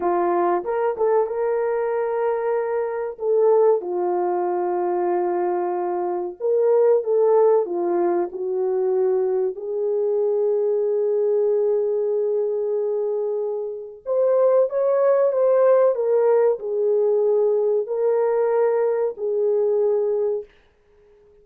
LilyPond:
\new Staff \with { instrumentName = "horn" } { \time 4/4 \tempo 4 = 94 f'4 ais'8 a'8 ais'2~ | ais'4 a'4 f'2~ | f'2 ais'4 a'4 | f'4 fis'2 gis'4~ |
gis'1~ | gis'2 c''4 cis''4 | c''4 ais'4 gis'2 | ais'2 gis'2 | }